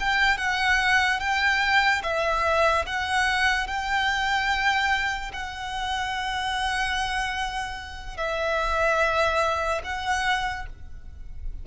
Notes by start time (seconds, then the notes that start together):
0.00 G5
0.38 F#5
1.20 G5
2.03 E5
2.87 F#5
3.67 G5
5.33 F#5
8.17 E5
9.84 F#5